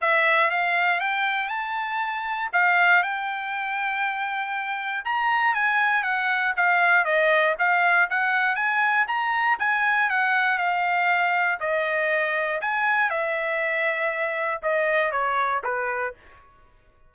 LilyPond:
\new Staff \with { instrumentName = "trumpet" } { \time 4/4 \tempo 4 = 119 e''4 f''4 g''4 a''4~ | a''4 f''4 g''2~ | g''2 ais''4 gis''4 | fis''4 f''4 dis''4 f''4 |
fis''4 gis''4 ais''4 gis''4 | fis''4 f''2 dis''4~ | dis''4 gis''4 e''2~ | e''4 dis''4 cis''4 b'4 | }